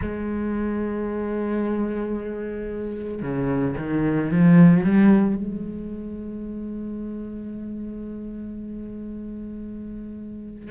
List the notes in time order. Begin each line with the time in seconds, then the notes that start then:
0.01 G#3
3.21 C#3
3.77 D#3
4.31 F3
4.83 G3
5.36 G#3